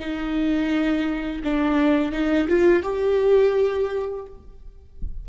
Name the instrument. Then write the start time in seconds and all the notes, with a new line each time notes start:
viola
0.00 D#4
1.44 D4
2.12 D#4
2.49 F4
2.83 G4